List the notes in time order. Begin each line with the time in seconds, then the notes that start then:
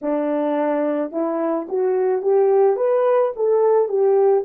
0.02 D4
1.11 E4
1.68 F#4
2.22 G4
2.76 B4
3.36 A4
3.88 G4